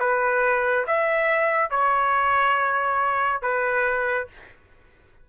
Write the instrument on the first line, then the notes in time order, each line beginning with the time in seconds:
trumpet
0.00 B4
0.87 E5
1.71 C#5
3.42 B4